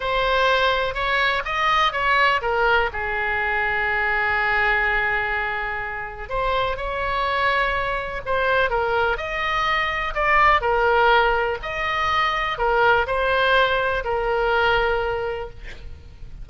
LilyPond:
\new Staff \with { instrumentName = "oboe" } { \time 4/4 \tempo 4 = 124 c''2 cis''4 dis''4 | cis''4 ais'4 gis'2~ | gis'1~ | gis'4 c''4 cis''2~ |
cis''4 c''4 ais'4 dis''4~ | dis''4 d''4 ais'2 | dis''2 ais'4 c''4~ | c''4 ais'2. | }